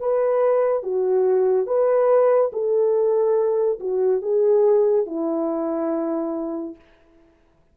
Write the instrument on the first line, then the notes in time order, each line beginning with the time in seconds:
horn
0.00 B4
0.84 F#4
1.67 B4
2.53 A4
3.80 F#4
4.22 G#4
5.07 E4